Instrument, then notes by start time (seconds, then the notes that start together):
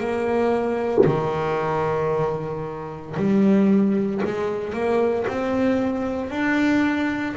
double bass
0.00 A#3
1.06 D#3
3.17 G3
4.25 G#3
4.74 A#3
5.28 C4
6.31 D4